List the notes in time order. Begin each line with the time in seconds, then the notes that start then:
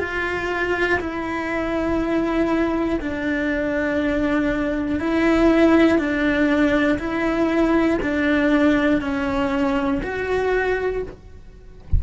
0.00 F4
1.00 E4
3.01 D4
5.00 E4
5.99 D4
7.00 E4
8.02 D4
9.01 C#4
10.03 F#4